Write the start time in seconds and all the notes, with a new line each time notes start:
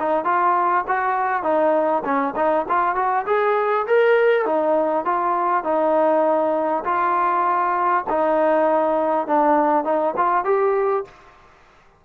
0.00 D#4
0.25 F4
0.88 F#4
1.43 D#4
2.05 C#4
2.36 D#4
2.69 F4
2.96 F#4
3.27 G#4
3.88 A#4
4.46 D#4
5.06 F4
5.64 D#4
6.85 F4
8.10 D#4
9.28 D4
9.85 D#4
10.17 F4
10.45 G4